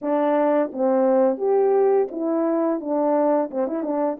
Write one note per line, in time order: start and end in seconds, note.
0.01 0.71 D4
0.72 1.37 C4
1.37 2.07 G4
2.11 2.80 E4
2.80 3.50 D4
3.50 3.67 C4
3.67 3.82 E4
3.82 4.17 D4